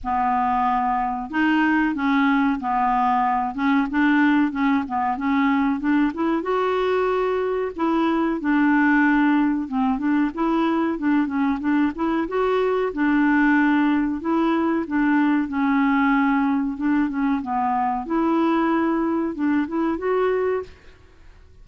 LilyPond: \new Staff \with { instrumentName = "clarinet" } { \time 4/4 \tempo 4 = 93 b2 dis'4 cis'4 | b4. cis'8 d'4 cis'8 b8 | cis'4 d'8 e'8 fis'2 | e'4 d'2 c'8 d'8 |
e'4 d'8 cis'8 d'8 e'8 fis'4 | d'2 e'4 d'4 | cis'2 d'8 cis'8 b4 | e'2 d'8 e'8 fis'4 | }